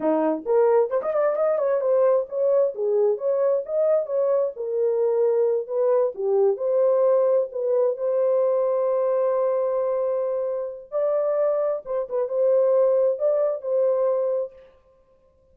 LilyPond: \new Staff \with { instrumentName = "horn" } { \time 4/4 \tempo 4 = 132 dis'4 ais'4 c''16 dis''16 d''8 dis''8 cis''8 | c''4 cis''4 gis'4 cis''4 | dis''4 cis''4 ais'2~ | ais'8 b'4 g'4 c''4.~ |
c''8 b'4 c''2~ c''8~ | c''1 | d''2 c''8 b'8 c''4~ | c''4 d''4 c''2 | }